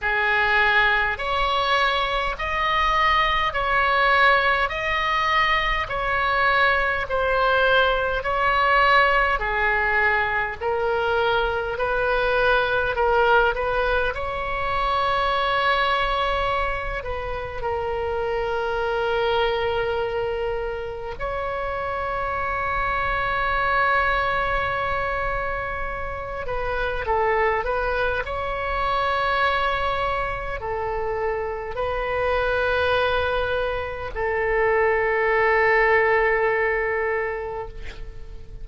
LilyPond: \new Staff \with { instrumentName = "oboe" } { \time 4/4 \tempo 4 = 51 gis'4 cis''4 dis''4 cis''4 | dis''4 cis''4 c''4 cis''4 | gis'4 ais'4 b'4 ais'8 b'8 | cis''2~ cis''8 b'8 ais'4~ |
ais'2 cis''2~ | cis''2~ cis''8 b'8 a'8 b'8 | cis''2 a'4 b'4~ | b'4 a'2. | }